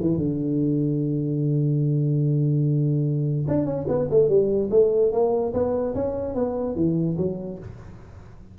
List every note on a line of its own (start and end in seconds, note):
0.00 0.17 E3
0.17 3.46 D3
3.47 3.65 D4
3.65 3.85 C#4
3.87 4.08 B3
4.10 4.28 A3
4.28 4.69 G3
4.70 5.11 A3
5.11 5.53 A#3
5.53 5.94 B3
5.94 6.34 C#4
6.34 6.75 B3
6.75 7.16 E3
7.17 7.58 F#3